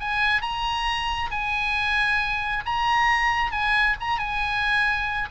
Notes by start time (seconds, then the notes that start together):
0.00 G#5
0.42 A#5
1.31 G#5
2.66 A#5
3.52 G#5
4.00 A#5
4.18 G#5